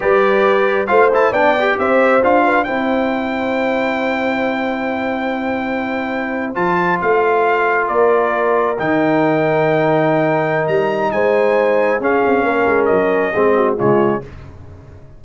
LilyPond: <<
  \new Staff \with { instrumentName = "trumpet" } { \time 4/4 \tempo 4 = 135 d''2 f''8 a''8 g''4 | e''4 f''4 g''2~ | g''1~ | g''2~ g''8. a''4 f''16~ |
f''4.~ f''16 d''2 g''16~ | g''1 | ais''4 gis''2 f''4~ | f''4 dis''2 cis''4 | }
  \new Staff \with { instrumentName = "horn" } { \time 4/4 b'2 c''4 d''4 | c''4. b'8 c''2~ | c''1~ | c''1~ |
c''4.~ c''16 ais'2~ ais'16~ | ais'1~ | ais'4 c''2 gis'4 | ais'2 gis'8 fis'8 f'4 | }
  \new Staff \with { instrumentName = "trombone" } { \time 4/4 g'2 f'8 e'8 d'8 g'8~ | g'4 f'4 e'2~ | e'1~ | e'2~ e'8. f'4~ f'16~ |
f'2.~ f'8. dis'16~ | dis'1~ | dis'2. cis'4~ | cis'2 c'4 gis4 | }
  \new Staff \with { instrumentName = "tuba" } { \time 4/4 g2 a4 b4 | c'4 d'4 c'2~ | c'1~ | c'2~ c'8. f4 a16~ |
a4.~ a16 ais2 dis16~ | dis1 | g4 gis2 cis'8 c'8 | ais8 gis8 fis4 gis4 cis4 | }
>>